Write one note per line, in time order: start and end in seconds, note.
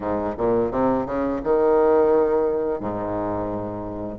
0.00 0.35 G#2
0.37 0.71 A#2
0.71 1.06 C3
1.06 1.40 C#3
1.43 2.79 D#3
2.79 4.18 G#2